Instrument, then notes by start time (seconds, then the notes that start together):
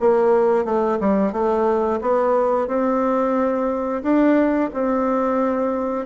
bassoon
0.00 A#3
0.65 A3
1.00 G3
1.32 A3
2.01 B3
2.68 C4
4.03 D4
4.74 C4